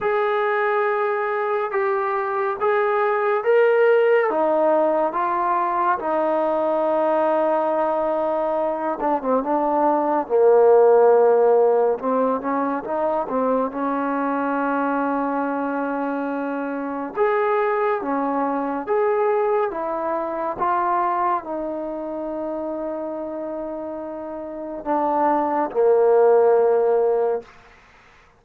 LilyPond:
\new Staff \with { instrumentName = "trombone" } { \time 4/4 \tempo 4 = 70 gis'2 g'4 gis'4 | ais'4 dis'4 f'4 dis'4~ | dis'2~ dis'8 d'16 c'16 d'4 | ais2 c'8 cis'8 dis'8 c'8 |
cis'1 | gis'4 cis'4 gis'4 e'4 | f'4 dis'2.~ | dis'4 d'4 ais2 | }